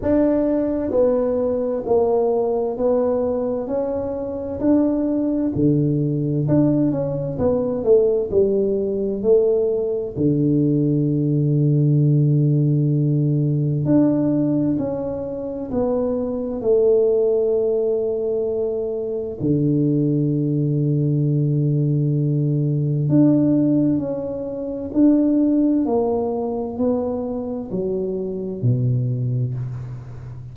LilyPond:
\new Staff \with { instrumentName = "tuba" } { \time 4/4 \tempo 4 = 65 d'4 b4 ais4 b4 | cis'4 d'4 d4 d'8 cis'8 | b8 a8 g4 a4 d4~ | d2. d'4 |
cis'4 b4 a2~ | a4 d2.~ | d4 d'4 cis'4 d'4 | ais4 b4 fis4 b,4 | }